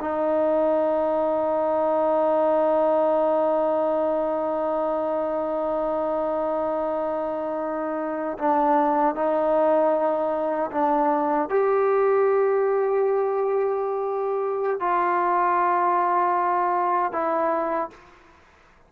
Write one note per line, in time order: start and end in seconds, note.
0.00 8.38 D#4
8.38 9.15 D4
9.15 10.71 D#4
10.71 11.49 D4
11.49 14.79 G4
14.79 17.12 F4
17.12 17.90 E4